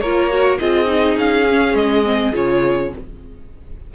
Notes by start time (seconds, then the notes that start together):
0.00 A#3 F4 A#4 C#5
0.30 F#4
0.59 C4 F4 G#4 D#5
0.86 D#4
1.17 C#4 F5
1.49 C#4
1.74 G#3 D#5
2.04 C4
2.33 C#3 F4 C#5